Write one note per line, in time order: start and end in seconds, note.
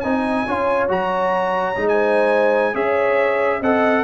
0.00 0.47 C4
0.00 0.47 D#4
0.00 0.87 G#5
0.06 0.47 D#5
0.47 0.89 C#4
0.47 0.88 F4
0.47 1.88 C#5
0.88 1.76 F#3
0.88 1.75 F#4
0.88 1.88 A#5
1.76 2.75 G#3
1.76 2.73 D#4
1.88 2.74 C5
1.88 2.75 G#5
2.73 3.61 C#4
2.73 3.60 G#4
2.73 3.60 C#5
2.73 3.62 E5
3.60 4.04 C4
3.60 4.04 A4
3.60 4.03 D#5
3.60 4.04 F#5